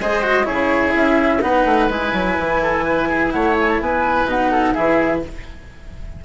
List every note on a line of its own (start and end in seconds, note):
0.00 0.48 G#3
0.00 0.23 G#4
0.00 0.46 C5
0.00 0.46 D#5
0.23 0.44 F#4
0.44 0.94 C#3
0.44 1.39 E4
0.44 1.42 G#4
0.44 0.93 C#5
0.94 1.42 C#4
0.94 1.42 E5
1.42 1.66 B3
1.42 1.90 D#4
1.42 2.63 B4
1.42 1.90 F#5
1.66 1.89 A3
1.89 2.13 G#3
1.89 4.27 E4
1.89 3.31 G#5
2.14 2.37 F#3
2.39 3.34 E3
2.63 2.85 A4
2.85 3.09 B4
3.09 3.33 G#4
3.31 3.81 A3
3.31 3.82 C#5
3.31 3.55 F#5
3.60 3.69 G#5
3.69 3.80 A5
3.81 4.26 B3
3.81 4.52 B4
3.81 4.29 G#5
4.26 4.74 B2
4.26 4.75 D#4
4.26 4.74 F#5
4.52 4.74 A4
4.74 5.25 E3
4.74 5.23 E4
4.74 5.22 G#4
4.74 5.22 E5